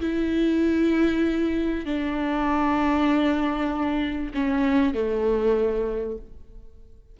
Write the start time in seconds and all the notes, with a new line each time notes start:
0.00 E4
1.85 D4
4.34 C#4
4.94 A3